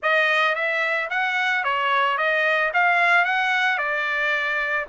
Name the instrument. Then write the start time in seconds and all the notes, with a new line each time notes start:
trumpet
0.02 D#5
0.55 E5
1.10 F#5
1.63 C#5
2.17 D#5
2.73 F5
3.24 F#5
3.78 D5